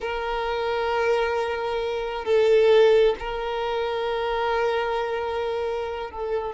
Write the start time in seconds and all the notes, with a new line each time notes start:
0.00 A#4
2.25 A4
3.19 A#4
6.10 A4